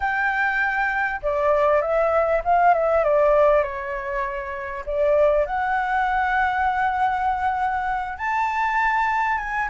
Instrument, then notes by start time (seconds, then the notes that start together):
flute
0.00 G5
1.22 D5
1.81 E5
2.44 F5
2.74 E5
3.04 D5
3.63 C#5
4.86 D5
5.45 F#5
8.18 A5
9.38 G#5